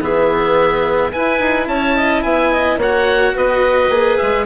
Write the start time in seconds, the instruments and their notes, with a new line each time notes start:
0.00 bassoon E3, cello B3, clarinet G#4, oboe E5
1.12 cello E4, bassoon E4, clarinet B4, oboe G#5
1.39 bassoon D#4
1.67 bassoon C#4, clarinet C#5, oboe A5
1.96 clarinet D#5
2.22 bassoon B3, clarinet E5, oboe G#5
2.52 clarinet D#5
2.77 bassoon A#3, cello F#4, clarinet C#5, oboe F#5
3.34 bassoon B3, clarinet B4, oboe D#5
3.89 bassoon A#3, cello G#4
4.17 bassoon G#3, oboe E5